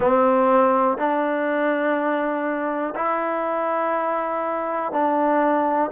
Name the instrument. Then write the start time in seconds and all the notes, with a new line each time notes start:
trombone
0.00 C4
0.97 D4
2.95 E4
4.92 D4